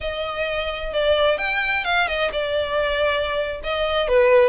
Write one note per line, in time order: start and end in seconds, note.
0.00 0.93 D#5
0.93 1.38 D5
1.38 1.84 G5
1.84 2.07 F5
2.07 2.30 D#5
2.32 3.60 D5
3.63 4.08 D#5
4.08 4.49 B4